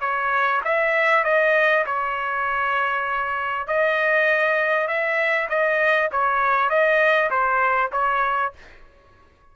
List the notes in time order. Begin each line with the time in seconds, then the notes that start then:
0.00 C#5
0.64 E5
1.24 D#5
1.86 C#5
3.67 D#5
4.88 E5
5.49 D#5
6.11 C#5
6.69 D#5
7.30 C5
7.92 C#5